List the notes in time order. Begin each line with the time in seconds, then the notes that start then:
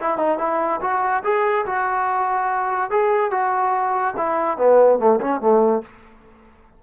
0.00 E4
0.18 D#4
0.38 E4
0.81 F#4
1.24 G#4
1.66 F#4
2.90 G#4
3.31 F#4
4.17 E4
4.57 B3
4.99 A3
5.20 C#4
5.41 A3